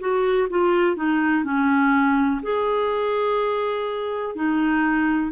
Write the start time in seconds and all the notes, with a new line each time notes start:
0.00 F#4
0.50 F4
0.96 D#4
1.44 C#4
2.43 G#4
4.36 D#4